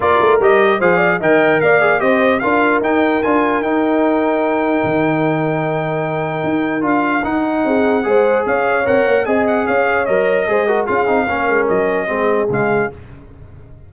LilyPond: <<
  \new Staff \with { instrumentName = "trumpet" } { \time 4/4 \tempo 4 = 149 d''4 dis''4 f''4 g''4 | f''4 dis''4 f''4 g''4 | gis''4 g''2.~ | g''1~ |
g''4 f''4 fis''2~ | fis''4 f''4 fis''4 gis''8 fis''8 | f''4 dis''2 f''4~ | f''4 dis''2 f''4 | }
  \new Staff \with { instrumentName = "horn" } { \time 4/4 ais'2 c''8 d''8 dis''4 | d''4 c''4 ais'2~ | ais'1~ | ais'1~ |
ais'2. gis'4 | c''4 cis''2 dis''4 | cis''2 c''8 ais'8 gis'4 | ais'2 gis'2 | }
  \new Staff \with { instrumentName = "trombone" } { \time 4/4 f'4 g'4 gis'4 ais'4~ | ais'8 gis'8 g'4 f'4 dis'4 | f'4 dis'2.~ | dis'1~ |
dis'4 f'4 dis'2 | gis'2 ais'4 gis'4~ | gis'4 ais'4 gis'8 fis'8 f'8 dis'8 | cis'2 c'4 gis4 | }
  \new Staff \with { instrumentName = "tuba" } { \time 4/4 ais8 a8 g4 f4 dis4 | ais4 c'4 d'4 dis'4 | d'4 dis'2. | dis1 |
dis'4 d'4 dis'4 c'4 | gis4 cis'4 c'8 ais8 c'4 | cis'4 fis4 gis4 cis'8 c'8 | ais8 gis8 fis4 gis4 cis4 | }
>>